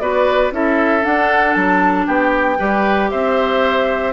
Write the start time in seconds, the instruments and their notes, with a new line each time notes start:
0.00 bassoon B3, clarinet F#4, oboe B4, flute D5
0.52 bassoon C#4, clarinet E4, oboe A4, flute E5
1.01 clarinet D4, bassoon D4, flute F#5
1.54 bassoon F#3, flute A5
2.07 bassoon B3, oboe G4, flute G5
2.59 bassoon G3, clarinet G4, oboe B4
3.10 bassoon C4, oboe C5, flute E5